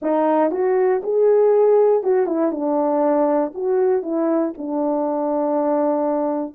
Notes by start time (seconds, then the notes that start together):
0.01 D#4
0.51 F#4
1.03 G#4
2.03 F#4
2.26 E4
2.51 D4
3.54 F#4
4.02 E4
4.57 D4